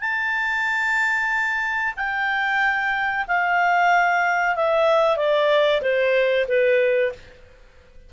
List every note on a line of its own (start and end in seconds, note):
0.00 1.94 A5
1.96 3.25 G5
3.27 4.55 F5
4.55 5.16 E5
5.16 5.81 D5
5.82 6.46 C5
6.48 7.12 B4